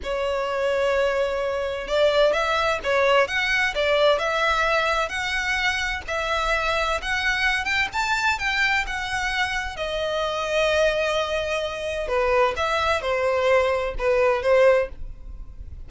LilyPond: \new Staff \with { instrumentName = "violin" } { \time 4/4 \tempo 4 = 129 cis''1 | d''4 e''4 cis''4 fis''4 | d''4 e''2 fis''4~ | fis''4 e''2 fis''4~ |
fis''8 g''8 a''4 g''4 fis''4~ | fis''4 dis''2.~ | dis''2 b'4 e''4 | c''2 b'4 c''4 | }